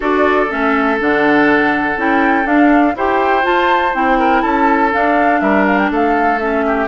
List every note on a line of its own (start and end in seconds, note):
0.00 0.50 D4
0.00 0.46 F#4
0.00 2.94 A4
0.00 0.50 D5
0.49 1.00 A3
0.49 0.98 C#4
0.49 0.99 E5
0.99 1.96 D3
0.99 1.97 D4
0.99 1.99 F#5
1.96 2.45 C#4
1.96 2.44 E4
1.96 2.46 G5
2.44 2.93 D4
2.44 2.94 D4
2.44 2.96 F5
2.95 3.44 E4
2.95 3.42 G4
2.95 4.19 C5
2.95 3.45 G5
3.42 3.91 F4
3.42 3.93 F4
3.42 3.94 A5
3.93 4.43 C4
3.93 4.90 E4
3.93 4.41 G5
4.19 4.42 A#4
4.41 4.92 C#4
4.41 5.40 A4
4.41 4.90 A5
4.90 6.38 D4
4.90 5.41 D4
4.90 5.40 F5
5.40 5.90 G3
5.40 5.91 A#4
5.40 5.65 E5
5.66 5.77 F5
5.77 5.90 G5
5.90 6.88 A3
5.90 6.65 A4
5.90 6.38 F5
6.38 6.88 C#4
6.38 6.87 E5
6.66 6.88 G4